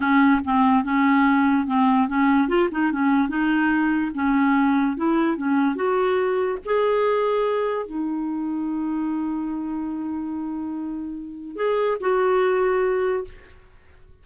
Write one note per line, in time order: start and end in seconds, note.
0.00 0.41 C#4
0.45 0.84 C4
0.84 1.66 C#4
1.67 2.08 C4
2.08 2.48 C#4
2.48 2.69 F4
2.71 2.92 D#4
2.92 3.28 C#4
3.28 4.11 D#4
4.14 4.97 C#4
4.97 5.37 E4
5.37 5.75 C#4
5.75 6.58 F#4
6.65 7.85 G#4
7.85 11.56 D#4
11.56 11.97 G#4
12.00 13.24 F#4